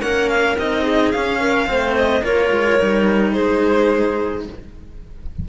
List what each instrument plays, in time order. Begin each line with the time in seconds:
0.00 cello A#3 C#4, clarinet A#4, violin F#5
0.29 violin F5
0.58 cello C4 D#4, violin D#5
0.82 clarinet G#4
1.11 cello C#4, violin F5
1.39 clarinet A#4
1.66 cello A3 C4, clarinet C5
1.96 violin D#5
2.22 cello A#3 F4, clarinet A#4, violin C#5
2.51 cello G#3
2.79 cello G3 D#4
3.32 cello G#3, clarinet G#4, violin C5